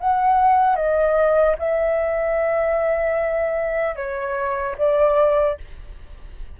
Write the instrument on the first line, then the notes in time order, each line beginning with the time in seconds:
flute
0.00 F#5
0.76 D#5
1.59 E5
3.96 C#5
4.78 D5